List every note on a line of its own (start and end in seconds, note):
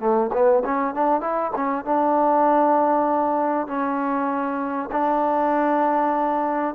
0.00 0.31 A3
0.33 0.64 B3
0.65 0.95 C#4
0.95 1.21 D4
1.21 1.52 E4
1.56 1.85 C#4
1.85 3.68 D4
3.68 4.90 C#4
4.92 6.75 D4